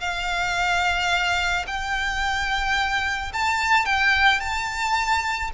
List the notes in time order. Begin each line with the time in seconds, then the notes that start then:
0.00 F5
1.67 G5
3.33 A5
3.85 G5
4.40 A5